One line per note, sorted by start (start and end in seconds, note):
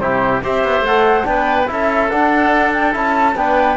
0.00 0.43 C3
0.00 0.44 E4
0.00 0.44 G4
0.00 0.42 C5
0.44 0.64 C4
0.44 0.86 G4
0.44 1.28 C5
0.44 0.85 E5
0.64 0.81 B3
0.81 1.23 A3
0.81 1.26 F#5
0.88 1.24 A4
1.24 1.69 B3
1.24 1.66 D4
1.24 1.72 B4
1.24 1.68 G5
1.68 2.13 C#4
1.68 2.10 E4
1.68 3.39 A4
1.68 2.10 E5
2.10 2.93 D4
2.10 2.96 D4
2.10 2.73 F#5
2.74 2.95 G5
2.93 3.36 C#4
2.93 3.35 E4
2.93 3.37 A5
3.36 3.78 B3
3.36 3.78 D4
3.36 3.78 B4
3.36 3.78 G5